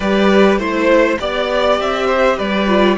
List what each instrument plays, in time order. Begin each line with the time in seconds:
0.00 cello G3, viola G4, violin B4 D5
0.58 cello A3, viola E4, violin C5
1.19 cello B3, viola G4, violin D5
1.79 cello C4, violin E5
2.06 violin C5
2.36 cello G3, violin B4 D5
2.67 viola F4